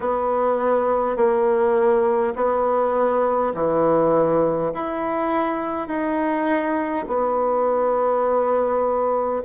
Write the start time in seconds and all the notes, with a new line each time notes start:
0.00 B3
1.16 A#3
2.35 B3
3.54 E3
4.74 E4
5.87 D#4
7.07 B3